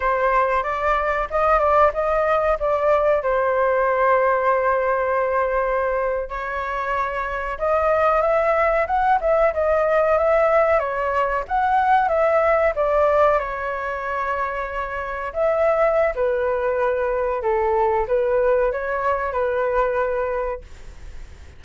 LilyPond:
\new Staff \with { instrumentName = "flute" } { \time 4/4 \tempo 4 = 93 c''4 d''4 dis''8 d''8 dis''4 | d''4 c''2.~ | c''4.~ c''16 cis''2 dis''16~ | dis''8. e''4 fis''8 e''8 dis''4 e''16~ |
e''8. cis''4 fis''4 e''4 d''16~ | d''8. cis''2. e''16~ | e''4 b'2 a'4 | b'4 cis''4 b'2 | }